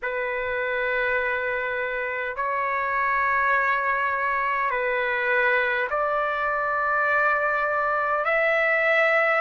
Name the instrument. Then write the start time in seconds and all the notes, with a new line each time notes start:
trumpet
0.02 B4
2.36 C#5
4.70 B4
5.89 D5
8.25 E5